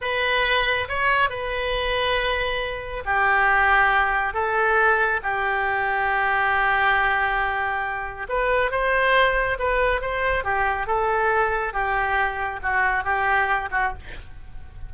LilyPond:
\new Staff \with { instrumentName = "oboe" } { \time 4/4 \tempo 4 = 138 b'2 cis''4 b'4~ | b'2. g'4~ | g'2 a'2 | g'1~ |
g'2. b'4 | c''2 b'4 c''4 | g'4 a'2 g'4~ | g'4 fis'4 g'4. fis'8 | }